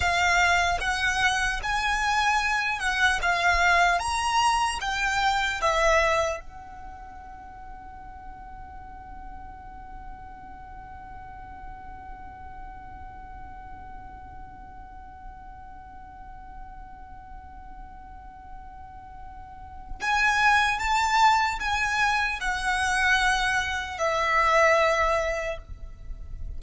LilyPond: \new Staff \with { instrumentName = "violin" } { \time 4/4 \tempo 4 = 75 f''4 fis''4 gis''4. fis''8 | f''4 ais''4 g''4 e''4 | fis''1~ | fis''1~ |
fis''1~ | fis''1~ | fis''4 gis''4 a''4 gis''4 | fis''2 e''2 | }